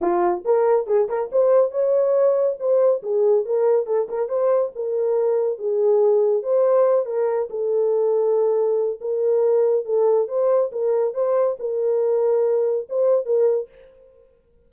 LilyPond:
\new Staff \with { instrumentName = "horn" } { \time 4/4 \tempo 4 = 140 f'4 ais'4 gis'8 ais'8 c''4 | cis''2 c''4 gis'4 | ais'4 a'8 ais'8 c''4 ais'4~ | ais'4 gis'2 c''4~ |
c''8 ais'4 a'2~ a'8~ | a'4 ais'2 a'4 | c''4 ais'4 c''4 ais'4~ | ais'2 c''4 ais'4 | }